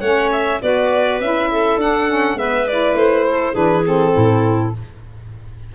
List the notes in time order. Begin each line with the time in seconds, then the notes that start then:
0.00 A3 C#4 C#5 F#5
0.32 E5
0.62 B3 F#4 B4 D5
1.20 C#4 E4 E5
1.51 A4
1.77 D4 F#5
2.08 C#4
2.34 G#3 B3 B4 E5
2.68 E4 D5
2.94 A3 C5
3.28 A4
3.52 E3 D4 G#4 B4
3.85 C4 A4
4.13 A2 E4